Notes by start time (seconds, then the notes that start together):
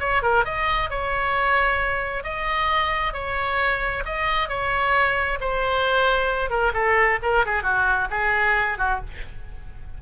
0.00 C#5
0.23 A#4
0.45 D#5
0.90 C#5
2.24 D#5
3.14 C#5
4.05 D#5
4.49 C#5
5.41 C5
6.50 A#4
6.74 A4
7.23 A#4
7.46 G#4
7.63 F#4
8.11 G#4
8.78 F#4